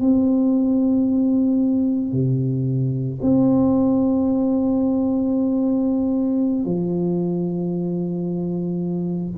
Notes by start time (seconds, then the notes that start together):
0.00 C4
2.12 C3
3.21 C4
6.65 F3